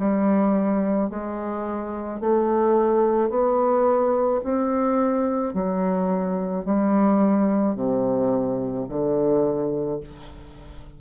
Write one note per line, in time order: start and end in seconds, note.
0.00 1.10 G3
1.10 2.21 G#3
2.21 3.30 A3
3.30 4.41 B3
4.44 5.54 C4
5.54 6.65 F#3
6.65 7.76 G3
7.76 8.87 C3
8.89 10.01 D3